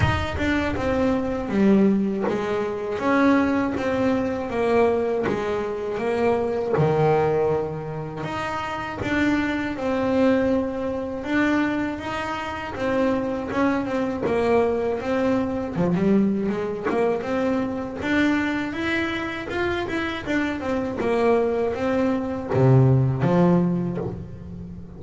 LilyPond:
\new Staff \with { instrumentName = "double bass" } { \time 4/4 \tempo 4 = 80 dis'8 d'8 c'4 g4 gis4 | cis'4 c'4 ais4 gis4 | ais4 dis2 dis'4 | d'4 c'2 d'4 |
dis'4 c'4 cis'8 c'8 ais4 | c'4 f16 g8. gis8 ais8 c'4 | d'4 e'4 f'8 e'8 d'8 c'8 | ais4 c'4 c4 f4 | }